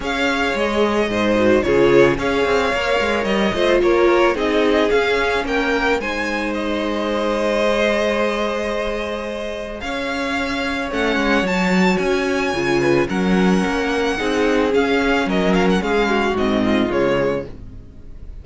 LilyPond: <<
  \new Staff \with { instrumentName = "violin" } { \time 4/4 \tempo 4 = 110 f''4 dis''2 cis''4 | f''2 dis''4 cis''4 | dis''4 f''4 g''4 gis''4 | dis''1~ |
dis''2 f''2 | fis''4 a''4 gis''2 | fis''2. f''4 | dis''8 f''16 fis''16 f''4 dis''4 cis''4 | }
  \new Staff \with { instrumentName = "violin" } { \time 4/4 cis''2 c''4 gis'4 | cis''2~ cis''8 c''8 ais'4 | gis'2 ais'4 c''4~ | c''1~ |
c''2 cis''2~ | cis''2.~ cis''8 b'8 | ais'2 gis'2 | ais'4 gis'8 fis'4 f'4. | }
  \new Staff \with { instrumentName = "viola" } { \time 4/4 gis'2~ gis'8 fis'8 f'4 | gis'4 ais'4. f'4. | dis'4 cis'2 dis'4~ | dis'2 gis'2~ |
gis'1 | cis'4 fis'2 f'4 | cis'2 dis'4 cis'4~ | cis'2 c'4 gis4 | }
  \new Staff \with { instrumentName = "cello" } { \time 4/4 cis'4 gis4 gis,4 cis4 | cis'8 c'8 ais8 gis8 g8 a8 ais4 | c'4 cis'4 ais4 gis4~ | gis1~ |
gis2 cis'2 | a8 gis8 fis4 cis'4 cis4 | fis4 ais4 c'4 cis'4 | fis4 gis4 gis,4 cis4 | }
>>